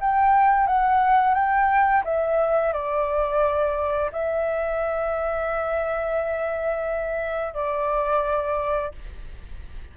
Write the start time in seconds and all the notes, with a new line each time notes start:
0.00 G5
0.66 F#5
1.34 G5
2.04 E5
2.72 D5
4.12 E5
7.54 D5